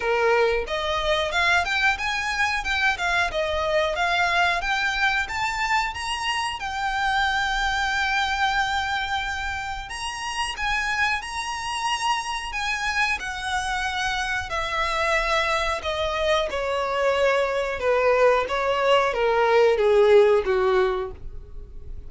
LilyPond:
\new Staff \with { instrumentName = "violin" } { \time 4/4 \tempo 4 = 91 ais'4 dis''4 f''8 g''8 gis''4 | g''8 f''8 dis''4 f''4 g''4 | a''4 ais''4 g''2~ | g''2. ais''4 |
gis''4 ais''2 gis''4 | fis''2 e''2 | dis''4 cis''2 b'4 | cis''4 ais'4 gis'4 fis'4 | }